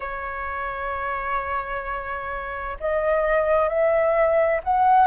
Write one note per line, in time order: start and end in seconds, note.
0.00 2.77 C#5
2.79 3.68 D#5
3.68 4.61 E5
4.63 5.07 F#5